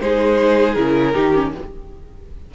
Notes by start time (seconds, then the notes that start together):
0.00 G#3 D#4 G#4 C5
0.74 C#3 E4 A#4
1.13 D#3 D#4 G4
1.34 C#4